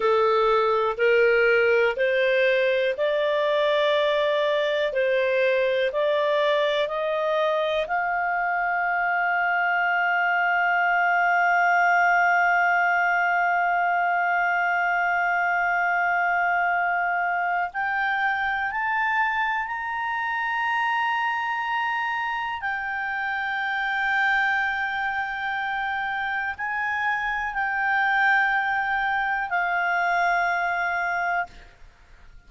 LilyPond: \new Staff \with { instrumentName = "clarinet" } { \time 4/4 \tempo 4 = 61 a'4 ais'4 c''4 d''4~ | d''4 c''4 d''4 dis''4 | f''1~ | f''1~ |
f''2 g''4 a''4 | ais''2. g''4~ | g''2. gis''4 | g''2 f''2 | }